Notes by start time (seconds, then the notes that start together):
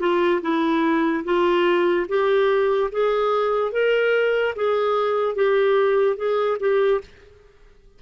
0.00 F4
0.42 E4
1.25 F4
2.08 G4
2.92 G#4
3.72 A#4
4.56 G#4
5.36 G4
6.17 G#4
6.60 G4